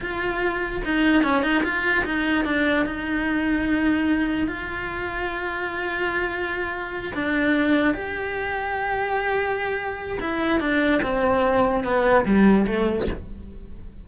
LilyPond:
\new Staff \with { instrumentName = "cello" } { \time 4/4 \tempo 4 = 147 f'2 dis'4 cis'8 dis'8 | f'4 dis'4 d'4 dis'4~ | dis'2. f'4~ | f'1~ |
f'4. d'2 g'8~ | g'1~ | g'4 e'4 d'4 c'4~ | c'4 b4 g4 a4 | }